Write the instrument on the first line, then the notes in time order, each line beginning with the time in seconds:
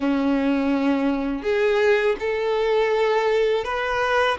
violin
0.00 C#4
1.43 G#4
2.20 A4
3.64 B4